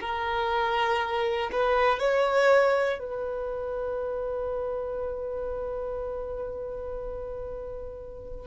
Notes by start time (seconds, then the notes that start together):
0.00 A#4
1.52 B4
1.99 C#5
2.99 B4